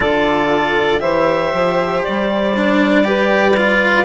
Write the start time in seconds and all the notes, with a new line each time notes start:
0.00 D3 F4 A4 D5
0.99 E3 G4 C5 E5
1.53 F3
2.03 G3 D5
2.56 D4
3.04 G4 B4
3.56 F4